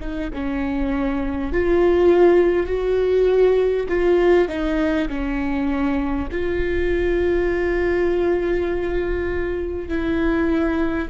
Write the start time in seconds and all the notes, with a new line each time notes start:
0.00 D#4
0.33 C#4
1.52 F4
2.67 F#4
3.88 F4
4.48 D#4
5.09 C#4
6.32 F4
9.88 E4